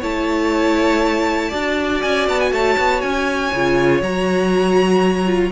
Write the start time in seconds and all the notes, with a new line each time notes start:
0.00 A3 E4 C#5 A5
1.49 D4 F#4 D5
2.02 C#4 G#5
2.29 B3 A5
2.40 G#5
2.52 A3 C#5 A5
2.78 B3
3.02 C#4 G#5
3.53 C#3 F4
4.01 F#3 F#4 A#5
5.26 F4